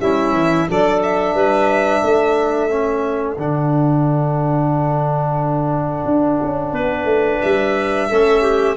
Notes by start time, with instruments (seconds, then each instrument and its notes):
0.00 tuba G3, trombone C#4, clarinet E4, violin E5
0.32 tuba E3
0.68 tuba F#3, trombone D4, clarinet A4, violin D5
1.02 violin E5
1.34 tuba G3, clarinet B4
2.01 tuba A3, clarinet A4
2.69 trombone C#4
3.37 tuba D3, trombone D4, violin F#5
6.05 tuba D4
6.42 tuba C#4
6.72 tuba B3, clarinet B4
7.04 tuba A3
7.41 tuba G3, violin E5
8.08 tuba A3, trombone C#4, clarinet A4
8.41 clarinet G4